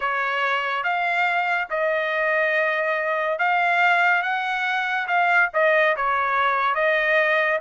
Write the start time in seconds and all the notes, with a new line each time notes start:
0.00 C#5
0.83 F5
1.70 D#5
3.38 F5
4.22 F#5
5.07 F5
5.54 D#5
5.96 C#5
6.74 D#5